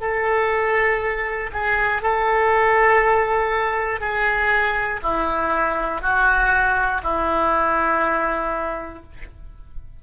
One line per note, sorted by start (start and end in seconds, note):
0.00 1.50 A4
1.53 2.02 G#4
2.02 4.00 A4
4.00 5.00 G#4
5.02 6.02 E4
6.02 7.02 F#4
7.03 9.03 E4